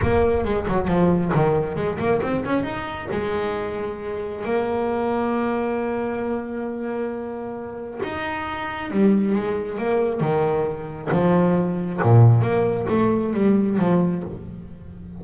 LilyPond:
\new Staff \with { instrumentName = "double bass" } { \time 4/4 \tempo 4 = 135 ais4 gis8 fis8 f4 dis4 | gis8 ais8 c'8 cis'8 dis'4 gis4~ | gis2 ais2~ | ais1~ |
ais2 dis'2 | g4 gis4 ais4 dis4~ | dis4 f2 ais,4 | ais4 a4 g4 f4 | }